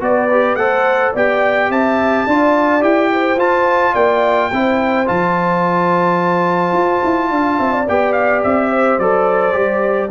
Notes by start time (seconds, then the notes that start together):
0.00 B3 F#4 B4 D5
0.31 G4
0.55 A3 A4 C5 F#5
1.13 B3 G4 D5 G5
1.69 C4 E5 A5
2.26 D4 F4 D5
2.80 E4 G4 G5
3.12 C5
3.36 F4 A5
3.93 A#3 D5 G5
4.52 C4 E4 C5
5.06 F3 F4 A5
6.72 F4
7.03 E4
7.30 D4 F5
7.59 C4 E5
7.72 D5
7.87 B3 G4 G5
8.12 F5
8.43 C4 E5
8.69 C5
8.98 F#3 A4 D5
9.52 G3 G4